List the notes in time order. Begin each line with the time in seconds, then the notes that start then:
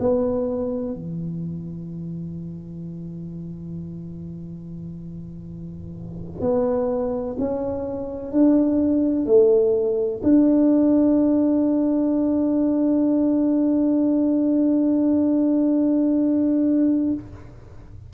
0.00 B3
0.94 E3
6.41 B3
7.39 C#4
8.32 D4
9.26 A3
10.23 D4